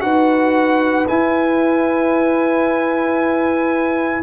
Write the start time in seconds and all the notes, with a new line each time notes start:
0.00 D#4 F#4 B4 F#5
1.07 E4 G#5